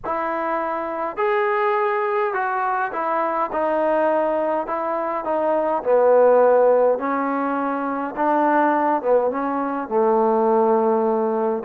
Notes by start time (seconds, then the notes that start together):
0.04 E4
1.17 G#4
2.33 F#4
2.92 E4
3.52 D#4
4.66 E4
5.24 D#4
5.83 B3
6.98 C#4
8.16 D4
9.02 B3
9.30 C#4
9.88 A3